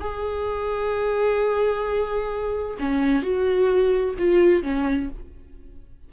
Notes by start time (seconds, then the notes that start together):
0.00 G#4
2.80 C#4
3.22 F#4
4.19 F4
4.63 C#4